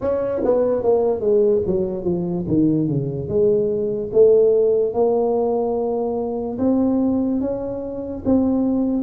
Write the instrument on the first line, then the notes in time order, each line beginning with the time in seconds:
tuba
0.01 C#4
0.44 B3
0.82 A#3
1.20 G#3
1.66 F#3
2.04 F3
2.47 D#3
2.88 C#3
3.28 G#3
4.12 A3
4.93 A#3
6.58 C4
7.40 C#4
8.25 C4